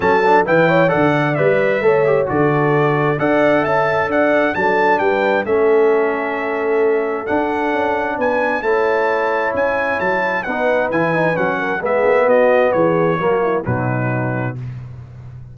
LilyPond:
<<
  \new Staff \with { instrumentName = "trumpet" } { \time 4/4 \tempo 4 = 132 a''4 g''4 fis''4 e''4~ | e''4 d''2 fis''4 | a''4 fis''4 a''4 g''4 | e''1 |
fis''2 gis''4 a''4~ | a''4 gis''4 a''4 fis''4 | gis''4 fis''4 e''4 dis''4 | cis''2 b'2 | }
  \new Staff \with { instrumentName = "horn" } { \time 4/4 a'4 b'8 cis''8 d''2 | cis''4 a'2 d''4 | e''4 d''4 a'4 b'4 | a'1~ |
a'2 b'4 cis''4~ | cis''2. b'4~ | b'4. ais'8 gis'4 fis'4 | gis'4 fis'8 e'8 dis'2 | }
  \new Staff \with { instrumentName = "trombone" } { \time 4/4 cis'8 d'8 e'4 a'4 b'4 | a'8 g'8 fis'2 a'4~ | a'2 d'2 | cis'1 |
d'2. e'4~ | e'2. dis'4 | e'8 dis'8 cis'4 b2~ | b4 ais4 fis2 | }
  \new Staff \with { instrumentName = "tuba" } { \time 4/4 fis4 e4 d4 g4 | a4 d2 d'4 | cis'4 d'4 fis4 g4 | a1 |
d'4 cis'4 b4 a4~ | a4 cis'4 fis4 b4 | e4 fis4 gis8 ais8 b4 | e4 fis4 b,2 | }
>>